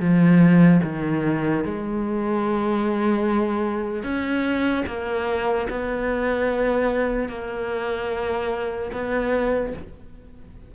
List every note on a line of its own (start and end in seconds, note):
0.00 0.81 F3
0.83 1.64 D#3
1.64 4.03 G#3
4.03 4.84 C#4
4.86 5.68 A#3
5.70 7.29 B3
7.29 8.91 A#3
8.92 9.73 B3